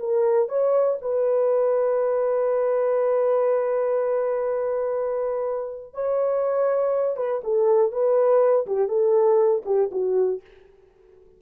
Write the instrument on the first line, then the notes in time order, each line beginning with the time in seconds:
horn
0.00 A#4
0.49 C#5
1.02 B4
5.94 C#5
7.17 B4
7.44 A4
7.92 B4
8.67 G4
8.89 A4
9.66 G4
9.92 F#4